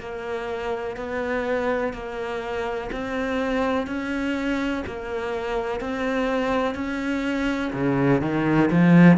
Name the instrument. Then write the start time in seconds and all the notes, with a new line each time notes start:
cello
0.00 A#3
0.97 B3
1.94 A#3
2.92 C4
3.87 C#4
4.87 A#3
5.81 C4
6.75 C#4
7.73 C#3
8.22 D#3
8.71 F3